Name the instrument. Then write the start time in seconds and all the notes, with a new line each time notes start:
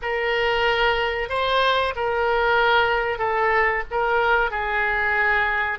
oboe
0.02 A#4
1.29 C5
1.95 A#4
3.18 A4
3.91 A#4
4.50 G#4